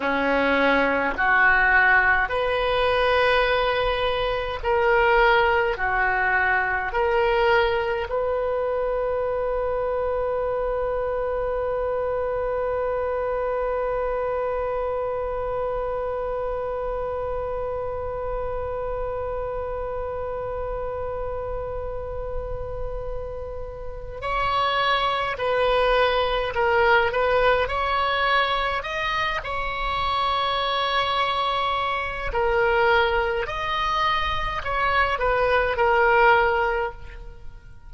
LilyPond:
\new Staff \with { instrumentName = "oboe" } { \time 4/4 \tempo 4 = 52 cis'4 fis'4 b'2 | ais'4 fis'4 ais'4 b'4~ | b'1~ | b'1~ |
b'1~ | b'4 cis''4 b'4 ais'8 b'8 | cis''4 dis''8 cis''2~ cis''8 | ais'4 dis''4 cis''8 b'8 ais'4 | }